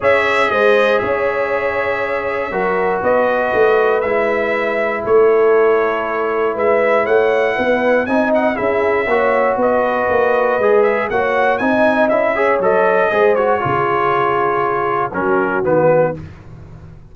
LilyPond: <<
  \new Staff \with { instrumentName = "trumpet" } { \time 4/4 \tempo 4 = 119 e''4 dis''4 e''2~ | e''2 dis''2 | e''2 cis''2~ | cis''4 e''4 fis''2 |
gis''8 fis''8 e''2 dis''4~ | dis''4. e''8 fis''4 gis''4 | e''4 dis''4. cis''4.~ | cis''2 ais'4 b'4 | }
  \new Staff \with { instrumentName = "horn" } { \time 4/4 cis''4 c''4 cis''2~ | cis''4 ais'4 b'2~ | b'2 a'2~ | a'4 b'4 cis''4 b'4 |
dis''4 gis'4 cis''4 b'4~ | b'2 cis''4 dis''4~ | dis''8 cis''4. c''4 gis'4~ | gis'2 fis'2 | }
  \new Staff \with { instrumentName = "trombone" } { \time 4/4 gis'1~ | gis'4 fis'2. | e'1~ | e'1 |
dis'4 e'4 fis'2~ | fis'4 gis'4 fis'4 dis'4 | e'8 gis'8 a'4 gis'8 fis'8 f'4~ | f'2 cis'4 b4 | }
  \new Staff \with { instrumentName = "tuba" } { \time 4/4 cis'4 gis4 cis'2~ | cis'4 fis4 b4 a4 | gis2 a2~ | a4 gis4 a4 b4 |
c'4 cis'4 ais4 b4 | ais4 gis4 ais4 c'4 | cis'4 fis4 gis4 cis4~ | cis2 fis4 dis4 | }
>>